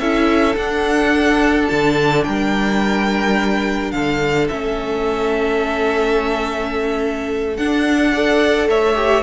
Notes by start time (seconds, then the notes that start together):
0.00 C#4 E4 A4 E5
0.57 D4 F#5
1.69 D3 A5
2.24 G3 A#4 G5
3.92 D3 A4 F5
4.49 A3 C#4 E5
7.57 D4 F#5
8.12 A4 D5
8.68 A3 C#5 E5
8.95 G4